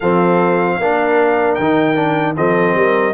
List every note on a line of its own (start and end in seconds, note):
0.00 0.78 F3
0.00 0.80 C4
0.00 0.77 A4
0.00 1.54 F5
0.78 1.57 A#3
0.78 1.60 D4
0.78 2.37 A#4
1.54 2.37 D#3
1.54 2.33 G5
1.61 1.95 D#4
1.95 2.35 D4
2.36 2.75 F3
2.36 3.13 C4
2.36 2.76 A4
2.36 3.13 D#5
2.75 3.13 G3
2.75 3.13 A#4